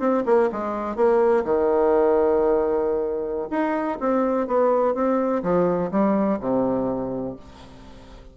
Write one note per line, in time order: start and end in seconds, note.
0.00 0.24 C4
0.26 0.50 A#3
0.52 0.96 G#3
0.96 1.44 A#3
1.44 3.48 D#3
3.51 3.99 D#4
4.00 4.47 C4
4.47 4.95 B3
4.95 5.43 C4
5.43 5.91 F3
5.91 6.39 G3
6.40 7.36 C3